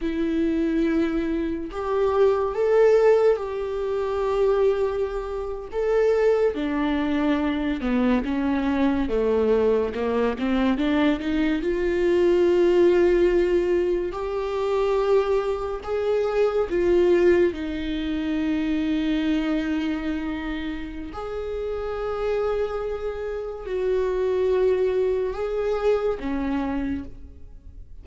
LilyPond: \new Staff \with { instrumentName = "viola" } { \time 4/4 \tempo 4 = 71 e'2 g'4 a'4 | g'2~ g'8. a'4 d'16~ | d'4~ d'16 b8 cis'4 a4 ais16~ | ais16 c'8 d'8 dis'8 f'2~ f'16~ |
f'8. g'2 gis'4 f'16~ | f'8. dis'2.~ dis'16~ | dis'4 gis'2. | fis'2 gis'4 cis'4 | }